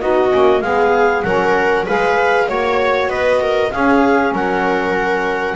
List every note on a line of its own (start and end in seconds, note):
0.00 0.33 B3
0.00 0.28 D#4
0.00 0.63 F#4
0.00 0.61 D#5
0.28 0.61 A#3
0.28 0.59 C#4
0.61 1.23 G#3
0.61 1.24 B3
0.61 1.25 G#4
0.61 1.22 F5
1.22 1.87 F#3
1.22 1.86 C#4
1.22 1.86 A#4
1.22 1.84 F#5
1.86 2.49 G#3
1.86 2.45 G#4
1.86 2.48 B4
1.86 2.49 F5
2.45 3.07 A#3
2.45 3.69 F#4
2.45 3.10 C#5
3.07 3.69 B3
3.07 3.41 B4
3.07 3.71 D#5
3.41 3.72 A#4
3.71 5.56 C#4
3.71 4.32 C#4
3.71 4.34 G#4
3.71 4.33 F5
4.32 5.56 F#3
4.32 5.56 A#4
4.32 5.56 F#5